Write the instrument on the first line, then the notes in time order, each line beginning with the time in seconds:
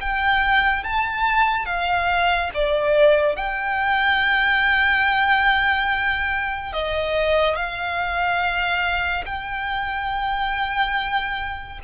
violin
0.00 G5
0.83 A5
1.66 F5
2.54 D5
3.36 G5
6.72 D#5
7.55 F5
9.25 G5